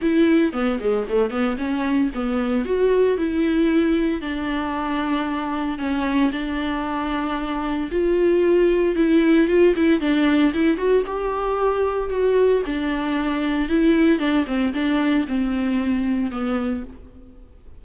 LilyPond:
\new Staff \with { instrumentName = "viola" } { \time 4/4 \tempo 4 = 114 e'4 b8 gis8 a8 b8 cis'4 | b4 fis'4 e'2 | d'2. cis'4 | d'2. f'4~ |
f'4 e'4 f'8 e'8 d'4 | e'8 fis'8 g'2 fis'4 | d'2 e'4 d'8 c'8 | d'4 c'2 b4 | }